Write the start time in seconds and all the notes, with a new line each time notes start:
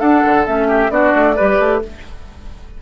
0.00 D4 A4 F#5
0.26 D3
0.46 A3 C#4 E5
0.68 G4
0.90 B3 D4 F#4 D5
1.16 A3
1.36 G3 G4 B4
1.59 A3